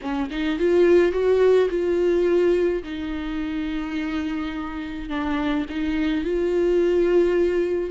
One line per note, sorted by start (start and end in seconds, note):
0.01 0.29 C#4
0.30 0.58 D#4
0.58 1.12 F4
1.12 1.68 F#4
1.69 2.82 F4
2.83 5.09 D#4
5.09 5.65 D4
5.69 6.23 D#4
6.23 7.90 F4